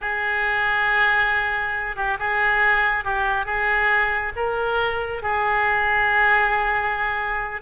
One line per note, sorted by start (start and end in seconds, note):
0.01 1.95 G#4
1.95 2.17 G4
2.19 3.04 G#4
3.04 3.45 G4
3.45 4.32 G#4
4.36 5.22 A#4
5.22 7.61 G#4